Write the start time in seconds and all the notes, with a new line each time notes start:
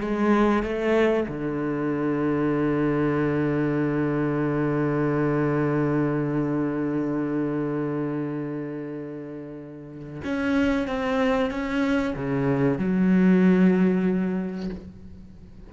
0.00 G#3
0.62 A3
1.28 D3
10.24 C#4
10.87 C4
11.50 C#4
12.15 C#3
12.78 F#3